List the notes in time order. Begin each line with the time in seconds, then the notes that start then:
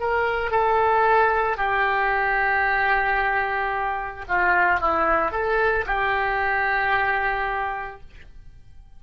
0.00 A#4
0.51 A4
1.57 G4
4.28 F4
4.81 E4
5.31 A4
5.86 G4